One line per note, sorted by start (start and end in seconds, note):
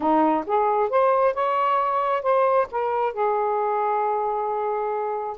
0.00 0.44 D#4
0.46 0.89 G#4
0.89 1.34 C5
1.34 2.22 C#5
2.22 2.67 C5
2.71 3.13 A#4
3.13 5.37 G#4